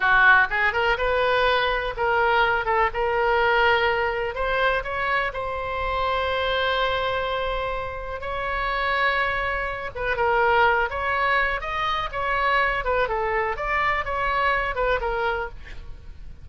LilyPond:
\new Staff \with { instrumentName = "oboe" } { \time 4/4 \tempo 4 = 124 fis'4 gis'8 ais'8 b'2 | ais'4. a'8 ais'2~ | ais'4 c''4 cis''4 c''4~ | c''1~ |
c''4 cis''2.~ | cis''8 b'8 ais'4. cis''4. | dis''4 cis''4. b'8 a'4 | d''4 cis''4. b'8 ais'4 | }